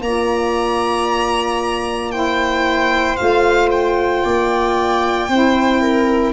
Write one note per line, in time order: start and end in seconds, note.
0.00 3.16 A#3
0.00 2.11 F4
0.00 2.13 D5
0.00 2.12 A#5
2.11 3.17 E4
2.11 4.24 C5
2.11 3.16 G5
3.16 4.24 A3
3.16 5.28 F4
3.16 3.69 F5
3.71 6.33 G5
4.24 5.29 A#3
4.24 5.29 D5
5.29 6.33 C4
5.29 6.33 E4
5.29 5.81 C5
5.81 6.33 A#4